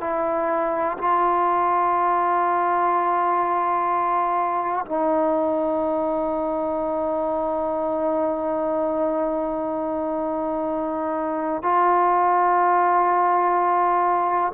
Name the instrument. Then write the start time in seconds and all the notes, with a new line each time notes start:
trombone
0.00 E4
0.98 F4
4.85 D#4
11.62 F4